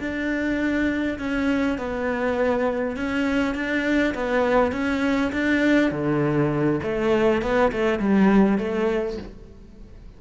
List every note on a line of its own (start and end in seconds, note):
0.00 1.19 D4
1.19 1.78 C#4
1.78 2.96 B3
2.96 3.55 C#4
3.55 4.14 D4
4.15 4.73 B3
4.73 5.32 C#4
5.33 5.91 D4
5.91 6.80 D3
6.83 7.42 A3
7.42 7.72 B3
7.73 8.00 A3
8.00 8.58 G3
8.58 9.18 A3